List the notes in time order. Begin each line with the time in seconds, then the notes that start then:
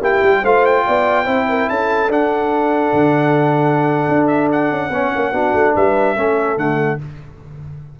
0.00 A#3 E4 G4 G5
0.23 G3
0.42 A3 F4 C5 F5
0.66 G5
0.86 B3 D5
1.25 C4 E4 C5
1.49 A#4
1.69 C#4 A4 A5
2.08 D4 F#5
2.93 D3
4.09 D4
4.27 E5
4.52 F#5
4.71 C#4
4.90 B3 C#4 C#5
5.16 A#3
5.32 B3 D4 F#4
5.54 A3
5.74 G3 B4 E5
6.16 A3 C#4 A4
6.57 D3 A3 F#5